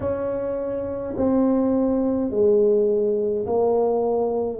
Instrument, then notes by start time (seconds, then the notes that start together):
tuba
0.00 C#4
1.16 C4
2.30 G#3
3.46 A#3